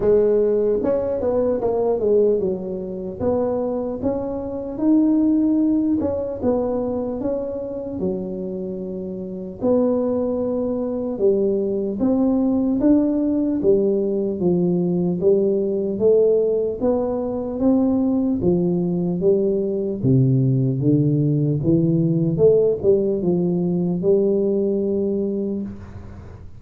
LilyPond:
\new Staff \with { instrumentName = "tuba" } { \time 4/4 \tempo 4 = 75 gis4 cis'8 b8 ais8 gis8 fis4 | b4 cis'4 dis'4. cis'8 | b4 cis'4 fis2 | b2 g4 c'4 |
d'4 g4 f4 g4 | a4 b4 c'4 f4 | g4 c4 d4 e4 | a8 g8 f4 g2 | }